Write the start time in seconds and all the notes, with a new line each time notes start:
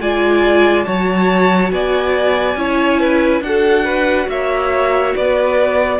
0.00 G#3 F4 D5 G#5
0.84 F#3 F#4 C#5 A5
1.71 B3 D5 G#5
2.55 C#4 E4 C#5
3.00 B4
3.41 D4 F#4 F#5
3.47 A4
3.85 B4
4.28 A#3 C#5 E5
5.16 B3 B4 D5